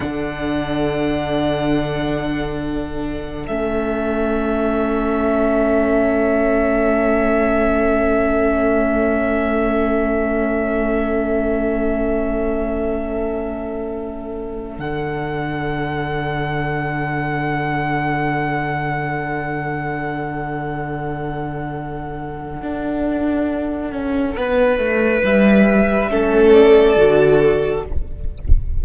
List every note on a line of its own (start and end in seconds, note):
0.00 3.48 D3
0.00 3.46 D4
0.00 24.36 A4
0.00 3.46 F#5
3.47 14.78 A3
3.47 14.78 C#4
3.47 14.77 E5
14.78 22.61 D3
14.78 26.08 D4
14.78 25.23 F#5
22.61 23.92 D4
23.92 24.35 C#4
24.36 24.78 B3
24.36 26.10 B4
24.78 25.21 A3
25.23 26.10 G3
25.23 26.53 E5
26.09 26.96 A3
26.09 26.96 C#4
26.09 27.84 A4
26.53 27.83 D5
26.96 27.83 D3
26.96 27.85 F#4